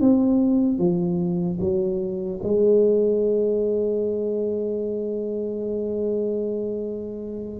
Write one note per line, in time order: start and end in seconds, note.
0.00 0.78 C4
0.78 1.58 F3
1.60 2.40 F#3
2.43 7.59 G#3